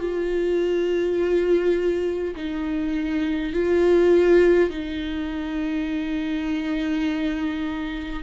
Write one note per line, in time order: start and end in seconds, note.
0.00 2.35 F4
2.36 3.53 D#4
3.53 4.70 F4
4.70 8.23 D#4